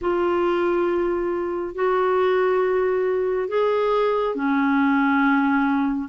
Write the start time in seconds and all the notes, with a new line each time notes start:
0.01 F4
1.74 F#4
3.48 G#4
4.35 C#4